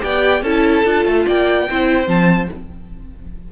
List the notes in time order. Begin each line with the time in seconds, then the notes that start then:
0.00 B3 G4 D5 G5
0.42 C#4 E4 A4 A5
0.85 D4 F4
1.05 A3
1.26 A#3 D5 G5
1.70 C4 E4 C5
2.07 F3 C4 A5